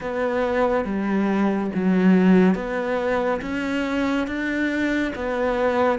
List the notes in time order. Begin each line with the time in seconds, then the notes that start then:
0.00 B3
0.85 G3
1.74 F#3
2.54 B3
3.41 C#4
4.27 D4
5.15 B3